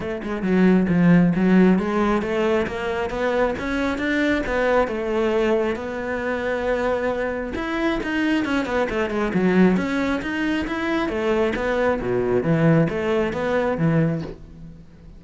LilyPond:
\new Staff \with { instrumentName = "cello" } { \time 4/4 \tempo 4 = 135 a8 gis8 fis4 f4 fis4 | gis4 a4 ais4 b4 | cis'4 d'4 b4 a4~ | a4 b2.~ |
b4 e'4 dis'4 cis'8 b8 | a8 gis8 fis4 cis'4 dis'4 | e'4 a4 b4 b,4 | e4 a4 b4 e4 | }